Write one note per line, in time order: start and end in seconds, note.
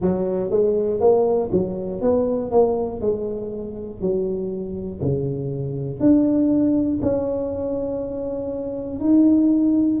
0.01 0.50 F#3
0.50 1.00 G#3
1.00 1.50 A#3
1.52 2.01 F#3
2.01 2.50 B3
2.50 3.00 A#3
3.00 4.00 G#3
4.00 5.00 F#3
5.01 6.00 C#3
6.00 7.00 D4
7.01 9.00 C#4
9.00 10.00 D#4